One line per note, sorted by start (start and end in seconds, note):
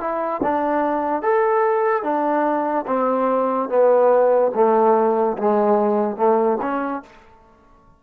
0.00 0.41 E4
0.43 1.22 D4
1.22 2.03 A4
2.03 2.85 D4
2.87 3.69 C4
3.69 4.51 B3
4.55 5.37 A3
5.38 6.16 G#3
6.16 6.58 A3
6.61 7.02 C#4